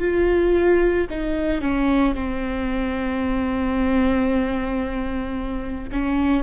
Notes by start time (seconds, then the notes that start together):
0.00 F4
1.11 D#4
1.62 C#4
2.15 C4
5.92 C#4